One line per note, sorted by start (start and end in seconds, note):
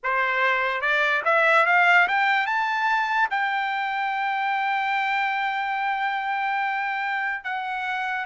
0.03 0.81 C5
0.81 1.22 D5
1.24 1.66 E5
1.66 2.07 F5
2.08 2.46 G5
2.46 3.29 A5
3.30 7.44 G5
7.44 8.25 F#5